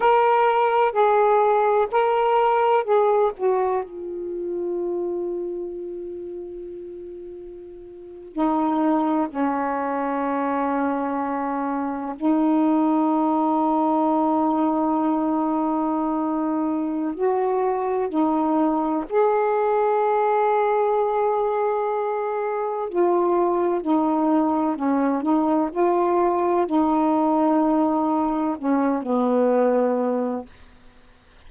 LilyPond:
\new Staff \with { instrumentName = "saxophone" } { \time 4/4 \tempo 4 = 63 ais'4 gis'4 ais'4 gis'8 fis'8 | f'1~ | f'8. dis'4 cis'2~ cis'16~ | cis'8. dis'2.~ dis'16~ |
dis'2 fis'4 dis'4 | gis'1 | f'4 dis'4 cis'8 dis'8 f'4 | dis'2 cis'8 b4. | }